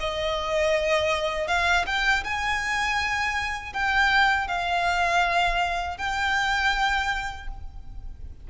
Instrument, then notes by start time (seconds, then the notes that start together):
violin
0.00 D#5
1.48 F5
1.86 G5
2.24 G#5
3.73 G5
4.47 F5
5.98 G5